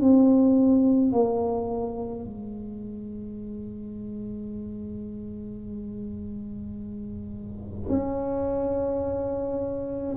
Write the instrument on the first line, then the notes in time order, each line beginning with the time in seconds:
tuba
0.00 C4
1.12 A#3
2.24 G#3
7.89 C#4